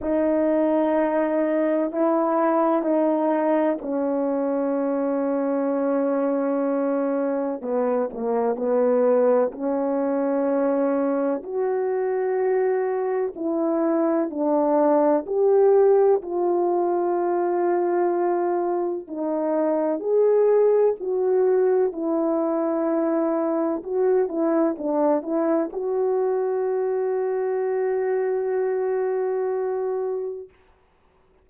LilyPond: \new Staff \with { instrumentName = "horn" } { \time 4/4 \tempo 4 = 63 dis'2 e'4 dis'4 | cis'1 | b8 ais8 b4 cis'2 | fis'2 e'4 d'4 |
g'4 f'2. | dis'4 gis'4 fis'4 e'4~ | e'4 fis'8 e'8 d'8 e'8 fis'4~ | fis'1 | }